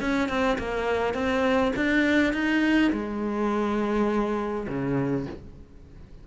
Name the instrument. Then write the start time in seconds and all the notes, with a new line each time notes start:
cello
0.00 C#4
0.28 C4
0.58 A#3
1.14 C4
1.76 D4
2.33 D#4
2.92 G#3
4.68 C#3